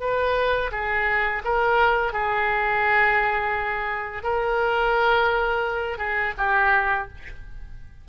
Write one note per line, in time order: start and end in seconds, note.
0.00 0.71 B4
0.72 1.42 G#4
1.44 2.13 A#4
2.13 4.23 G#4
4.23 5.98 A#4
5.98 6.33 G#4
6.38 7.08 G4